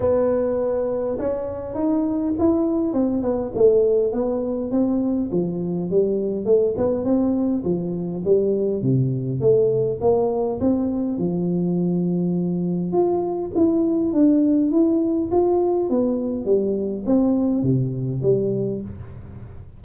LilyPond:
\new Staff \with { instrumentName = "tuba" } { \time 4/4 \tempo 4 = 102 b2 cis'4 dis'4 | e'4 c'8 b8 a4 b4 | c'4 f4 g4 a8 b8 | c'4 f4 g4 c4 |
a4 ais4 c'4 f4~ | f2 f'4 e'4 | d'4 e'4 f'4 b4 | g4 c'4 c4 g4 | }